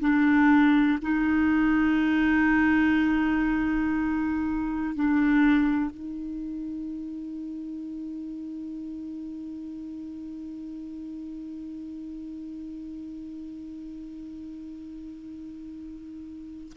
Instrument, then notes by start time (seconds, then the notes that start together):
clarinet
0.00 D4
1.01 D#4
4.94 D4
5.90 D#4